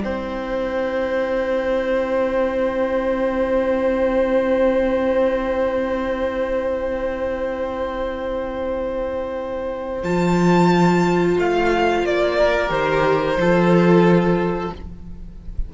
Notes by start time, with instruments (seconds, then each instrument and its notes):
0.00 cello C4, viola E4, violin C5 G5
10.04 cello F3, viola F4, violin A5
11.38 cello A3, violin F5
12.03 cello A#3, violin D5
12.38 violin A#4
12.68 cello D#3, viola G4, violin C5
13.38 cello F3, viola F4, violin A4